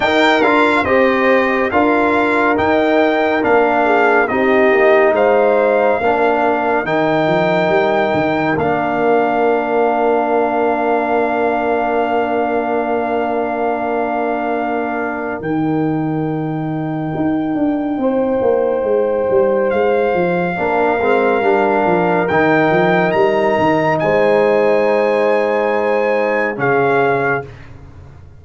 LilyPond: <<
  \new Staff \with { instrumentName = "trumpet" } { \time 4/4 \tempo 4 = 70 g''8 f''8 dis''4 f''4 g''4 | f''4 dis''4 f''2 | g''2 f''2~ | f''1~ |
f''2 g''2~ | g''2. f''4~ | f''2 g''4 ais''4 | gis''2. f''4 | }
  \new Staff \with { instrumentName = "horn" } { \time 4/4 ais'4 c''4 ais'2~ | ais'8 gis'8 g'4 c''4 ais'4~ | ais'1~ | ais'1~ |
ais'1~ | ais'4 c''2. | ais'1 | c''2. gis'4 | }
  \new Staff \with { instrumentName = "trombone" } { \time 4/4 dis'8 f'8 g'4 f'4 dis'4 | d'4 dis'2 d'4 | dis'2 d'2~ | d'1~ |
d'2 dis'2~ | dis'1 | d'8 c'8 d'4 dis'2~ | dis'2. cis'4 | }
  \new Staff \with { instrumentName = "tuba" } { \time 4/4 dis'8 d'8 c'4 d'4 dis'4 | ais4 c'8 ais8 gis4 ais4 | dis8 f8 g8 dis8 ais2~ | ais1~ |
ais2 dis2 | dis'8 d'8 c'8 ais8 gis8 g8 gis8 f8 | ais8 gis8 g8 f8 dis8 f8 g8 dis8 | gis2. cis4 | }
>>